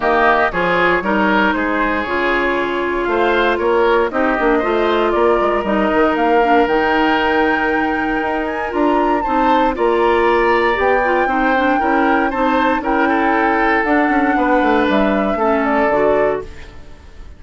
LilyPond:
<<
  \new Staff \with { instrumentName = "flute" } { \time 4/4 \tempo 4 = 117 dis''4 cis''2 c''4 | cis''2 f''4 cis''4 | dis''2 d''4 dis''4 | f''4 g''2.~ |
g''8 gis''8 ais''4 a''4 ais''4~ | ais''4 g''2. | a''4 g''2 fis''4~ | fis''4 e''4. d''4. | }
  \new Staff \with { instrumentName = "oboe" } { \time 4/4 g'4 gis'4 ais'4 gis'4~ | gis'2 c''4 ais'4 | g'4 c''4 ais'2~ | ais'1~ |
ais'2 c''4 d''4~ | d''2 c''4 ais'4 | c''4 ais'8 a'2~ a'8 | b'2 a'2 | }
  \new Staff \with { instrumentName = "clarinet" } { \time 4/4 ais4 f'4 dis'2 | f'1 | dis'8 d'8 f'2 dis'4~ | dis'8 d'8 dis'2.~ |
dis'4 f'4 dis'4 f'4~ | f'4 g'8 f'8 dis'8 d'8 e'4 | dis'4 e'2 d'4~ | d'2 cis'4 fis'4 | }
  \new Staff \with { instrumentName = "bassoon" } { \time 4/4 dis4 f4 g4 gis4 | cis2 a4 ais4 | c'8 ais8 a4 ais8 gis8 g8 dis8 | ais4 dis2. |
dis'4 d'4 c'4 ais4~ | ais4 b4 c'4 cis'4 | c'4 cis'2 d'8 cis'8 | b8 a8 g4 a4 d4 | }
>>